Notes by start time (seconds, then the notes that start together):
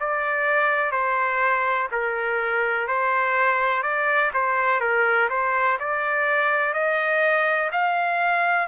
0.00 D5
0.92 C5
1.92 A#4
2.88 C5
3.83 D5
4.34 C5
4.81 A#4
5.30 C5
5.80 D5
6.74 D#5
7.72 F5